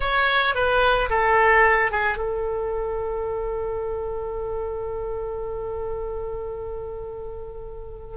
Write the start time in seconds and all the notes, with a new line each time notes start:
0.00 C#5
0.55 B4
1.09 A4
1.91 G#4
2.17 A4